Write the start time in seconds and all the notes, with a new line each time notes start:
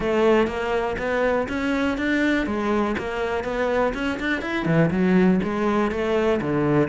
0.00 A3
0.47 A#3
0.98 B3
1.48 C#4
1.97 D4
2.46 G#3
2.98 A#3
3.43 B3
3.94 C#4
4.19 D4
4.41 E4
4.65 E3
4.90 F#3
5.43 G#3
5.91 A3
6.41 D3